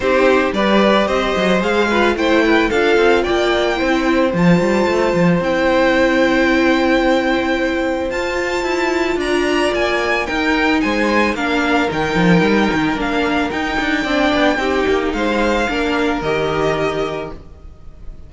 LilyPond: <<
  \new Staff \with { instrumentName = "violin" } { \time 4/4 \tempo 4 = 111 c''4 d''4 dis''4 f''4 | g''4 f''4 g''2 | a''2 g''2~ | g''2. a''4~ |
a''4 ais''4 gis''4 g''4 | gis''4 f''4 g''2 | f''4 g''2. | f''2 dis''2 | }
  \new Staff \with { instrumentName = "violin" } { \time 4/4 g'4 b'4 c''4. b'8 | c''8 b'8 a'4 d''4 c''4~ | c''1~ | c''1~ |
c''4 d''2 ais'4 | c''4 ais'2.~ | ais'2 d''4 g'4 | c''4 ais'2. | }
  \new Staff \with { instrumentName = "viola" } { \time 4/4 dis'4 g'2 gis'8 f'8 | e'4 f'2 e'4 | f'2 e'2~ | e'2. f'4~ |
f'2. dis'4~ | dis'4 d'4 dis'2 | d'4 dis'4 d'4 dis'4~ | dis'4 d'4 g'2 | }
  \new Staff \with { instrumentName = "cello" } { \time 4/4 c'4 g4 c'8 fis8 gis4 | a4 d'8 c'8 ais4 c'4 | f8 g8 a8 f8 c'2~ | c'2. f'4 |
e'4 d'4 ais4 dis'4 | gis4 ais4 dis8 f8 g8 dis8 | ais4 dis'8 d'8 c'8 b8 c'8 ais8 | gis4 ais4 dis2 | }
>>